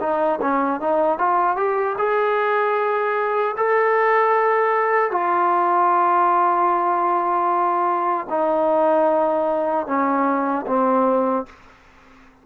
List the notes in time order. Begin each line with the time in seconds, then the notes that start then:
0.00 D#4
0.41 C#4
0.81 D#4
1.18 F4
1.56 G4
1.98 G#4
3.57 A4
5.11 F4
8.30 D#4
9.87 C#4
10.67 C4